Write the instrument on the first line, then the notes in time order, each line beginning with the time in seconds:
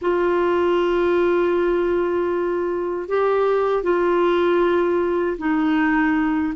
clarinet
0.01 F4
3.08 G4
3.83 F4
5.38 D#4